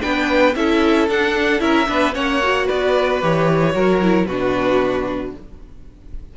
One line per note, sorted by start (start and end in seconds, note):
0.00 0.55 B3
0.00 0.53 D4
0.00 0.56 B4
0.00 0.55 G5
0.55 1.08 C#4
0.55 1.09 E4
0.55 1.62 A4
0.55 1.08 E5
1.08 1.61 D4
1.08 1.60 D4
1.08 1.61 F#5
1.60 1.87 C#4
1.60 1.86 E4
1.60 1.88 A#4
1.60 2.14 E5
1.87 2.15 B3
1.87 2.13 D4
1.87 2.15 B4
2.13 2.69 A#3
2.13 2.40 C#4
2.13 2.66 C#5
2.13 2.68 F#5
2.43 3.22 F#4
2.66 3.23 B3
2.66 3.72 B4
2.66 3.22 D5
3.22 3.75 E3
3.22 3.72 G4
3.22 4.26 C#5
3.72 4.26 F#3
3.72 3.99 F#4
3.72 4.27 A#4
4.02 4.28 E4
4.26 5.32 B2
4.26 5.37 D4
4.26 5.34 F#4
4.26 5.32 B4